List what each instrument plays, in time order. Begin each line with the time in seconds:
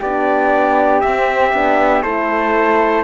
0.00 cello B3, horn D4, flute G4, trumpet D5
1.01 cello C4, horn C4, trumpet E5
1.53 cello B3, horn D4
2.02 cello A3, horn E4, flute A4, trumpet C5